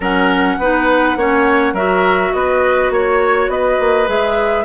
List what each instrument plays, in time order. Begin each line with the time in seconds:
0.00 bassoon F#3, clarinet C#4, oboe A#4, flute F#5
0.58 bassoon B3, clarinet D#4, oboe B4
1.16 bassoon A#3, clarinet C#4, oboe C#5
1.72 bassoon F#3, clarinet F#4, oboe A#4, flute E5
2.33 bassoon B3, oboe B4, flute D#5
2.90 bassoon A#3, flute C#5, oboe C#5
3.47 bassoon B3, oboe B4, flute D#5
3.79 bassoon A#3
4.06 bassoon G#3, clarinet G#4, flute E5